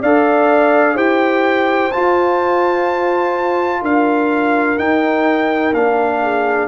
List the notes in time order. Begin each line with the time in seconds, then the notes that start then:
0.00 D4 A4 D5 F5
0.94 E4 G4 C5 G5
1.92 F4 A5
3.81 D4 A#4 F5
4.77 D#4 G5
5.72 A#3 D4 F5
6.21 G#4